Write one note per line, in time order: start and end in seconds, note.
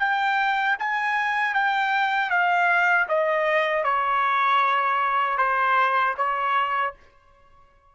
0.00 0.77 G5
0.80 1.55 G#5
1.55 2.30 G5
2.30 3.07 F5
3.09 3.84 D#5
3.84 5.38 C#5
5.38 6.15 C5
6.17 6.94 C#5